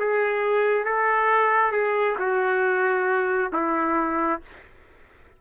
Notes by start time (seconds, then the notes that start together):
0.00 G#4
0.85 A4
1.72 G#4
2.19 F#4
3.53 E4